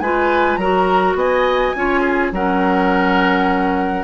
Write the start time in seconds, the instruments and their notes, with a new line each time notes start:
0.00 bassoon G#3, clarinet F4, oboe B4, flute G#5
0.56 bassoon F#3, clarinet F#4, oboe A#4, flute A#5
1.15 bassoon B3, oboe D#5, flute G#5
1.76 bassoon C#4, clarinet F4, oboe C#5
2.01 oboe G#4
2.32 bassoon F#3, clarinet C#4, oboe A#4, flute F#5